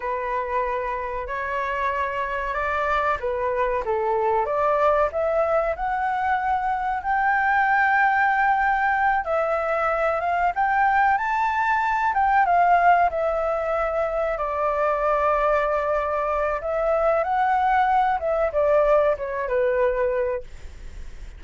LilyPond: \new Staff \with { instrumentName = "flute" } { \time 4/4 \tempo 4 = 94 b'2 cis''2 | d''4 b'4 a'4 d''4 | e''4 fis''2 g''4~ | g''2~ g''8 e''4. |
f''8 g''4 a''4. g''8 f''8~ | f''8 e''2 d''4.~ | d''2 e''4 fis''4~ | fis''8 e''8 d''4 cis''8 b'4. | }